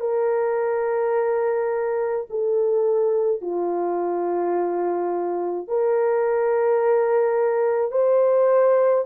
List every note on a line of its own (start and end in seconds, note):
0.00 2.26 A#4
2.30 3.41 A4
3.41 5.68 F4
5.68 7.91 A#4
7.91 9.05 C5